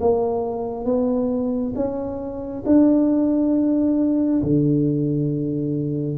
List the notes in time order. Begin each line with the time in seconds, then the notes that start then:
0.00 A#3
0.85 B3
1.75 C#4
2.66 D4
4.42 D3